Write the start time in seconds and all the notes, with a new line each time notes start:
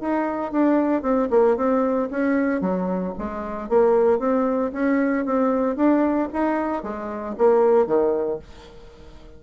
0.00 D#4
0.52 D4
1.02 C4
1.30 A#3
1.56 C4
2.11 C#4
2.61 F#3
3.18 G#3
3.69 A#3
4.19 C4
4.73 C#4
5.26 C4
5.76 D4
6.33 D#4
6.83 G#3
7.38 A#3
7.87 D#3